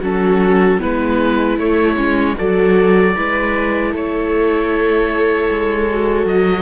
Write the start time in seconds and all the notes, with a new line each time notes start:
0.00 F#3 C#4 F#4 A4
0.79 G#3 B3 E4 B4
1.59 A3 C#5
1.97 G#3 C#4
2.36 F#3 F#4 A4 D5
3.15 G#3 E4 B4
3.92 A3 A4 C#5
5.50 G#3
5.90 F#4
6.25 F#3 D#5